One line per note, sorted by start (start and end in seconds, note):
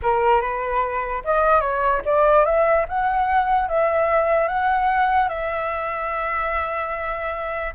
0.02 0.41 A#4
0.41 1.22 B4
1.24 1.60 D#5
1.60 2.01 C#5
2.05 2.45 D5
2.45 2.86 E5
2.88 3.68 F#5
3.68 4.48 E5
4.48 5.29 F#5
5.29 7.73 E5